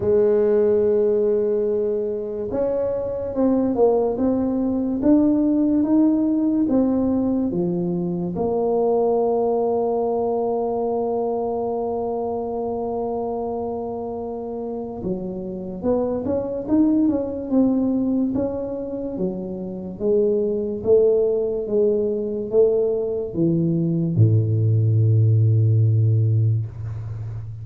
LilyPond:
\new Staff \with { instrumentName = "tuba" } { \time 4/4 \tempo 4 = 72 gis2. cis'4 | c'8 ais8 c'4 d'4 dis'4 | c'4 f4 ais2~ | ais1~ |
ais2 fis4 b8 cis'8 | dis'8 cis'8 c'4 cis'4 fis4 | gis4 a4 gis4 a4 | e4 a,2. | }